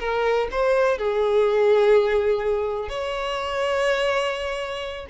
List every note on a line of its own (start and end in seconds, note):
0.00 0.48 A#4
0.51 0.99 C5
0.99 2.89 G#4
2.89 5.07 C#5